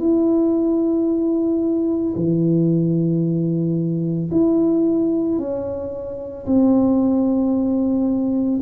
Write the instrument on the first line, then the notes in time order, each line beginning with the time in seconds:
tuba
0.00 E4
2.16 E3
4.31 E4
5.39 C#4
6.46 C4